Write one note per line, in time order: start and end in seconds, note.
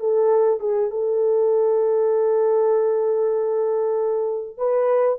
0.00 0.60 A4
0.60 0.91 G#4
0.91 4.58 A4
4.58 5.19 B4